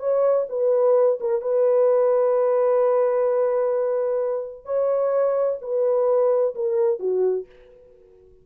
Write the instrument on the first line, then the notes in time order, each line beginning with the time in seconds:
horn
0.00 C#5
0.50 B4
1.21 A#4
1.42 B4
4.66 C#5
5.62 B4
6.55 A#4
7.00 F#4